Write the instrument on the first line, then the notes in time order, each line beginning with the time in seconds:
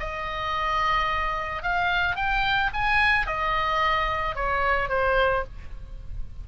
oboe
0.00 D#5
1.63 F5
2.16 G5
2.73 G#5
3.27 D#5
4.36 C#5
4.89 C5